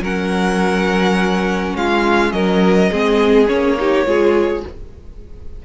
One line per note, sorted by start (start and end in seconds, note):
0.00 1.73 F#3
0.00 2.91 C#4
0.00 1.75 A#4
0.00 1.76 F#5
1.75 2.32 G#3
1.75 2.33 F4
1.75 2.32 F5
2.32 2.90 F#3
2.32 2.91 A#4
2.32 3.47 D#5
2.91 3.50 G#3
2.91 3.47 C4
2.91 3.78 G#4
3.47 4.05 A#3
3.47 3.76 C#4
3.47 4.63 C#5
3.78 4.06 D#4
3.78 4.07 G4
4.05 4.63 G#3
4.05 4.63 F4
4.05 4.65 G#4